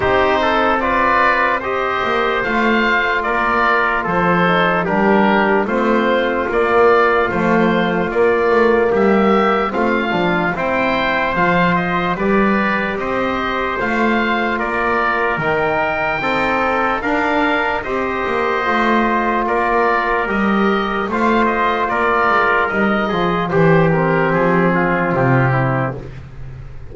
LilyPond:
<<
  \new Staff \with { instrumentName = "oboe" } { \time 4/4 \tempo 4 = 74 c''4 d''4 dis''4 f''4 | d''4 c''4 ais'4 c''4 | d''4 c''4 d''4 e''4 | f''4 g''4 f''8 dis''8 d''4 |
dis''4 f''4 d''4 g''4~ | g''4 f''4 dis''2 | d''4 dis''4 f''8 dis''8 d''4 | dis''4 c''8 ais'8 gis'4 g'4 | }
  \new Staff \with { instrumentName = "trumpet" } { \time 4/4 g'8 a'8 b'4 c''2 | ais'4 a'4 g'4 f'4~ | f'2. g'4 | f'4 c''2 b'4 |
c''2 ais'2 | a'4 ais'4 c''2 | ais'2 c''4 ais'4~ | ais'8 gis'8 g'4. f'4 e'8 | }
  \new Staff \with { instrumentName = "trombone" } { \time 4/4 dis'4 f'4 g'4 f'4~ | f'4. dis'8 d'4 c'4 | ais4 f4 ais2 | c'8 d'8 e'4 f'4 g'4~ |
g'4 f'2 dis'4 | c'4 d'4 g'4 f'4~ | f'4 g'4 f'2 | dis'8 f'8 g'8 c'2~ c'8 | }
  \new Staff \with { instrumentName = "double bass" } { \time 4/4 c'2~ c'8 ais8 a4 | ais4 f4 g4 a4 | ais4 a4 ais8 a8 g4 | a8 f8 c'4 f4 g4 |
c'4 a4 ais4 dis4 | dis'4 d'4 c'8 ais8 a4 | ais4 g4 a4 ais8 gis8 | g8 f8 e4 f4 c4 | }
>>